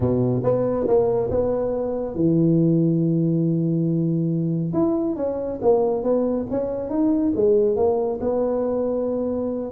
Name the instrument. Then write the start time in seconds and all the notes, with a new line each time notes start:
tuba
0.00 B2
0.43 B3
0.87 A#3
1.30 B3
2.15 E3
4.73 E4
5.16 C#4
5.61 A#3
6.03 B3
6.50 C#4
6.89 D#4
7.35 G#3
7.76 A#3
8.21 B3